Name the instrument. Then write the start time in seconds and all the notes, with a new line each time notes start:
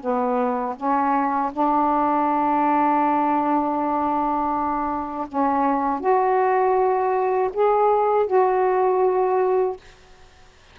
saxophone
0.00 B3
0.76 C#4
1.52 D4
5.28 C#4
6.00 F#4
7.53 G#4
8.26 F#4